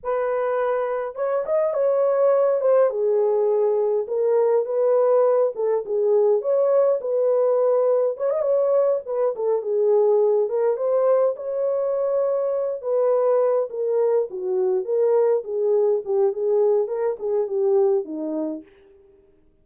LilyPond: \new Staff \with { instrumentName = "horn" } { \time 4/4 \tempo 4 = 103 b'2 cis''8 dis''8 cis''4~ | cis''8 c''8 gis'2 ais'4 | b'4. a'8 gis'4 cis''4 | b'2 cis''16 dis''16 cis''4 b'8 |
a'8 gis'4. ais'8 c''4 cis''8~ | cis''2 b'4. ais'8~ | ais'8 fis'4 ais'4 gis'4 g'8 | gis'4 ais'8 gis'8 g'4 dis'4 | }